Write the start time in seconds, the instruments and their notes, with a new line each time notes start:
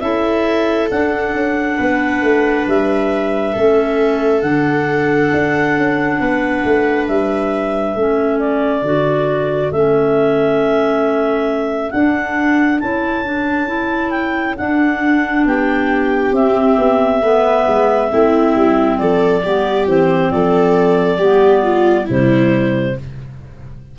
0.00 tuba C#4, clarinet E4 E5, viola A4
0.90 tuba D4, clarinet D4 F#5
1.34 tuba C#4
1.77 tuba B3, viola B4
2.22 tuba A3
2.67 tuba G3, clarinet E5
3.53 tuba A3, clarinet C#4, viola A4
4.41 tuba D3, clarinet D4 F#5
5.33 tuba D4
5.77 tuba C#4
6.20 tuba B3, viola B4
6.65 tuba A3
7.07 tuba G3, clarinet E5
7.95 tuba A3, clarinet C#4, viola A4
8.39 clarinet D5
8.83 tuba D3, clarinet F#4
9.72 tuba A3, clarinet C#4 E5
11.91 clarinet D4 F#5, tuba D4
12.80 tuba C#4, clarinet E4 A5
13.25 clarinet D4
13.67 clarinet E4
14.11 clarinet G5
14.57 clarinet D4 F#5, tuba D4
15.46 tuba B3, viola G4, clarinet G5
16.32 tuba C4, clarinet C4 E5
16.78 tuba B3
17.22 tuba A3, clarinet B3, viola B4
17.67 tuba G#3
18.10 tuba A3, clarinet C4, viola E4
18.56 tuba G3
18.98 tuba F3, viola A4, clarinet D5
19.43 tuba G3, clarinet B3, viola G4
19.87 tuba E3, clarinet C4 C5
20.31 tuba F3, viola A4, clarinet D5
21.18 tuba G3, clarinet B3, viola G4
21.62 viola F4
22.05 tuba C3, clarinet G3 C5, viola E4